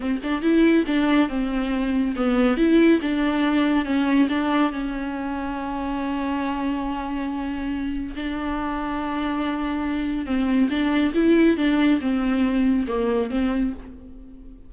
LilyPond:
\new Staff \with { instrumentName = "viola" } { \time 4/4 \tempo 4 = 140 c'8 d'8 e'4 d'4 c'4~ | c'4 b4 e'4 d'4~ | d'4 cis'4 d'4 cis'4~ | cis'1~ |
cis'2. d'4~ | d'1 | c'4 d'4 e'4 d'4 | c'2 ais4 c'4 | }